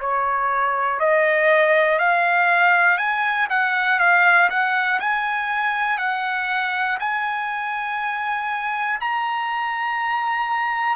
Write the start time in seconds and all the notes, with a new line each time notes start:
0.00 C#5
1.00 D#5
1.99 F5
2.98 G#5
3.50 F#5
4.00 F5
4.50 F#5
5.00 G#5
5.99 F#5
7.00 G#5
9.00 A#5